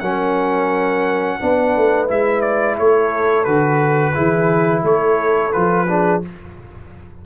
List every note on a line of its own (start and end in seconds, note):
0.00 1.39 F#3
0.00 1.40 C#4
0.00 1.39 A#4
0.00 2.07 F#5
1.40 1.76 B3
1.40 2.08 D4
1.40 2.78 B4
1.76 2.11 A3
2.08 2.79 G#3
2.08 3.46 E4
2.08 2.41 E5
2.41 2.76 D5
2.78 3.46 A3
2.78 4.13 A4
2.78 3.45 C#5
3.45 4.15 D3
3.45 4.14 F#4
3.45 4.82 B4
4.13 4.83 E3
4.13 5.52 E4
4.13 4.82 G#4
4.83 5.52 A3
4.83 5.88 A4
4.83 5.52 C#5
5.52 6.26 F3
5.52 5.87 F4
5.52 6.21 B4
5.88 6.23 D4
5.88 6.24 G#4